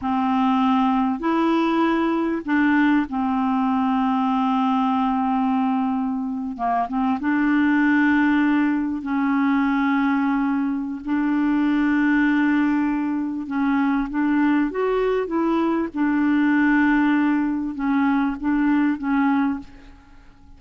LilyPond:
\new Staff \with { instrumentName = "clarinet" } { \time 4/4 \tempo 4 = 98 c'2 e'2 | d'4 c'2.~ | c'2~ c'8. ais8 c'8 d'16~ | d'2~ d'8. cis'4~ cis'16~ |
cis'2 d'2~ | d'2 cis'4 d'4 | fis'4 e'4 d'2~ | d'4 cis'4 d'4 cis'4 | }